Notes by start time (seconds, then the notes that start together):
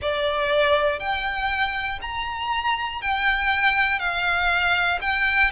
0.01 D5
1.00 G5
2.01 A#5
3.01 G5
3.99 F5
5.00 G5